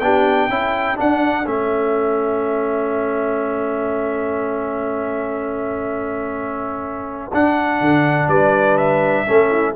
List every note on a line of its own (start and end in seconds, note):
0.00 0.49 B3
0.00 0.50 D4
0.00 0.51 G4
0.00 0.98 G5
0.49 0.97 C#4
0.49 0.96 E4
0.49 8.28 A4
0.96 1.44 D4
0.96 1.46 D4
0.96 1.46 F#5
1.46 7.31 A3
1.46 7.31 C#4
1.46 7.32 E5
7.33 9.26 D4
7.33 7.80 D4
7.33 8.29 F#5
7.80 8.28 D3
8.28 9.25 G3
8.28 9.26 B4
8.28 8.77 D5
8.77 9.75 E5
9.26 9.75 A3
9.26 9.75 C#4
9.26 9.51 A4
9.51 9.75 E4